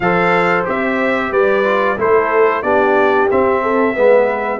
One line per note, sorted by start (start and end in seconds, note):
0.00 0.64 F3
0.00 0.64 A4
0.00 1.31 C5
0.00 0.64 F5
0.64 1.31 C4
0.64 1.63 G4
0.64 1.32 E5
1.31 1.97 G3
1.31 1.97 B4
1.31 1.98 D5
1.63 1.96 F4
1.97 2.63 A3
1.97 2.63 E4
1.97 2.63 A4
1.97 2.62 C5
2.62 3.29 B3
2.62 3.29 D4
2.62 3.61 G4
2.62 3.28 D5
3.30 3.97 C4
3.30 3.94 C4
3.30 4.59 E5
3.61 3.94 A4
3.94 4.59 G#3
3.94 4.59 B3
3.94 4.59 B4